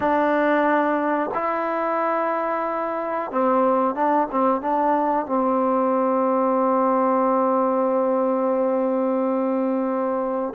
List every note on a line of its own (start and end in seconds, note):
0.00 1.30 D4
1.34 3.31 E4
3.31 3.94 C4
3.94 4.27 D4
4.31 4.61 C4
4.61 5.26 D4
5.26 10.53 C4